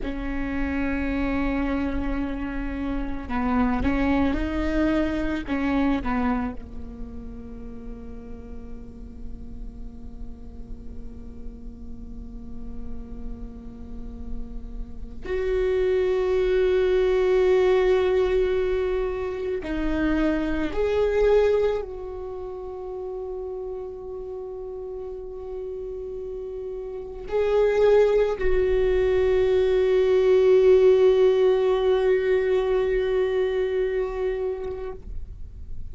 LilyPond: \new Staff \with { instrumentName = "viola" } { \time 4/4 \tempo 4 = 55 cis'2. b8 cis'8 | dis'4 cis'8 b8 ais2~ | ais1~ | ais2 fis'2~ |
fis'2 dis'4 gis'4 | fis'1~ | fis'4 gis'4 fis'2~ | fis'1 | }